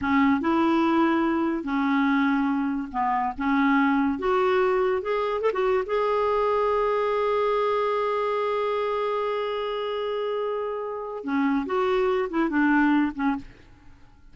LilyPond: \new Staff \with { instrumentName = "clarinet" } { \time 4/4 \tempo 4 = 144 cis'4 e'2. | cis'2. b4 | cis'2 fis'2 | gis'4 a'16 fis'8. gis'2~ |
gis'1~ | gis'1~ | gis'2. cis'4 | fis'4. e'8 d'4. cis'8 | }